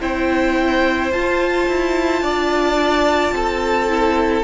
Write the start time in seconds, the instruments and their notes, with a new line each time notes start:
0.00 cello C4, viola E4, violin C5 G5
1.11 cello F4, viola F4, violin A5
1.68 cello E4
2.21 cello D4, violin D5
3.31 cello C4, violin A4
3.88 viola E4